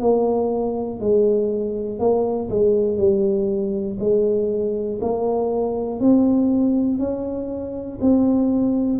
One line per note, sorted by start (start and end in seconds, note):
0.00 1.00 A#3
1.00 1.99 G#3
1.99 2.49 A#3
2.50 2.98 G#3
2.98 3.98 G3
4.00 5.00 G#3
5.01 6.00 A#3
6.00 6.99 C4
6.99 7.99 C#4
8.01 9.00 C4